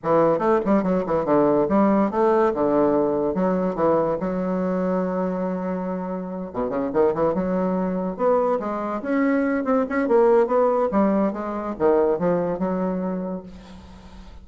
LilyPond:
\new Staff \with { instrumentName = "bassoon" } { \time 4/4 \tempo 4 = 143 e4 a8 g8 fis8 e8 d4 | g4 a4 d2 | fis4 e4 fis2~ | fis2.~ fis8 b,8 |
cis8 dis8 e8 fis2 b8~ | b8 gis4 cis'4. c'8 cis'8 | ais4 b4 g4 gis4 | dis4 f4 fis2 | }